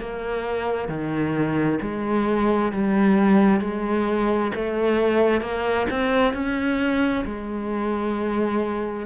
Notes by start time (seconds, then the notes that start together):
0.00 A#3
0.88 D#3
1.81 G#3
2.72 G3
3.60 G#3
4.55 A3
5.41 A#3
5.90 C4
6.33 C#4
7.25 G#3